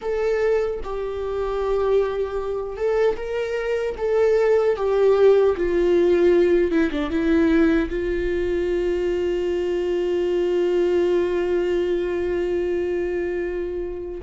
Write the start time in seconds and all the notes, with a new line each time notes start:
0.01 A4
0.83 G4
2.76 A4
3.16 A#4
3.97 A4
4.76 G4
5.56 F4
6.71 E4
6.91 D4
7.10 E4
7.89 F4